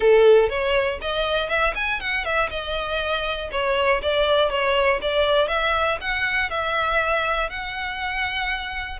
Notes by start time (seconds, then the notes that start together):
0.00 A4
0.49 C#5
1.01 D#5
1.49 E5
1.75 G#5
2.00 F#5
2.24 E5
2.50 D#5
3.51 C#5
4.02 D5
4.50 C#5
5.01 D5
5.48 E5
6.00 F#5
6.50 E5
7.49 F#5